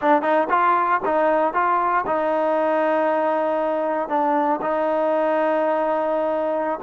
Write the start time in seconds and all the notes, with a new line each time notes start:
0.01 D4
0.22 D#4
0.49 F4
1.05 D#4
1.53 F4
2.06 D#4
4.08 D4
4.61 D#4